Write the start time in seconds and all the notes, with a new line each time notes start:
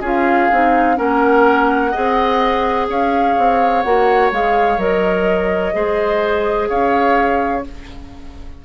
0.00 C#4 F4 G#4 F5
0.52 C4 D#4
0.95 A#3 C#4 A#4 F#5
1.91 C4 G#4 D#5
2.88 C#4 C#5 F5
3.37 C4
3.82 A#3 F#4 F#5
4.31 G#3 G#4 F5
4.77 F#3 A#4 D#5
5.73 G#3 G#4 C5
6.67 C#4 C#5 F5